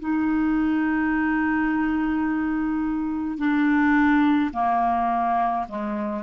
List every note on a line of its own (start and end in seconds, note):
0.00 3.38 D#4
3.38 4.51 D4
4.53 5.66 A#3
5.69 6.23 G#3